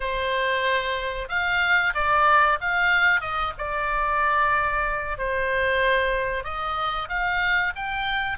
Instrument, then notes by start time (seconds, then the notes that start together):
oboe
0.00 C5
1.28 F5
1.94 D5
2.60 F5
3.20 D#5
3.58 D5
5.18 C5
6.43 D#5
7.08 F5
7.75 G5